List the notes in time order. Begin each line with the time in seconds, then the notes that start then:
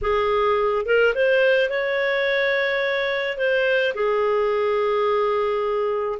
0.01 G#4
0.85 A#4
1.14 C5
1.69 C#5
3.37 C5
3.94 G#4